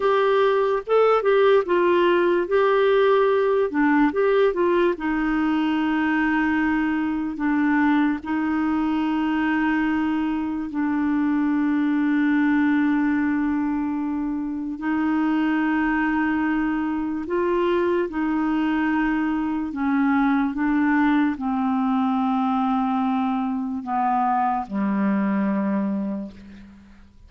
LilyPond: \new Staff \with { instrumentName = "clarinet" } { \time 4/4 \tempo 4 = 73 g'4 a'8 g'8 f'4 g'4~ | g'8 d'8 g'8 f'8 dis'2~ | dis'4 d'4 dis'2~ | dis'4 d'2.~ |
d'2 dis'2~ | dis'4 f'4 dis'2 | cis'4 d'4 c'2~ | c'4 b4 g2 | }